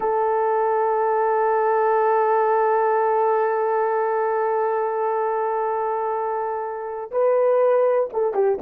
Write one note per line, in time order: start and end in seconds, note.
0.00 7.10 A4
7.11 8.09 B4
8.13 8.34 A4
8.34 8.58 G4